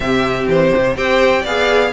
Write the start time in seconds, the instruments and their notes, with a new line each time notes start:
0.00 cello C3, viola C4, violin G4 E5
0.48 cello E3, violin C5
0.76 cello C3
0.96 cello C4, viola G4, violin C5 G5
1.41 cello B3, violin D5 F5
1.47 viola G#4